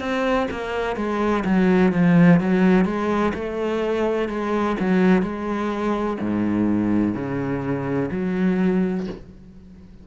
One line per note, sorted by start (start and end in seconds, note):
0.00 0.48 C4
0.51 0.96 A#3
0.96 1.44 G#3
1.45 1.93 F#3
1.93 2.40 F3
2.40 2.85 F#3
2.85 3.33 G#3
3.34 4.29 A3
4.29 4.77 G#3
4.80 5.23 F#3
5.23 6.18 G#3
6.20 7.15 G#2
7.15 8.10 C#3
8.11 9.06 F#3